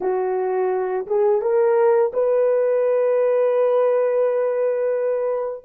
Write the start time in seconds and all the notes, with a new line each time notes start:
0.00 F#4
1.07 G#4
1.41 A#4
2.13 B4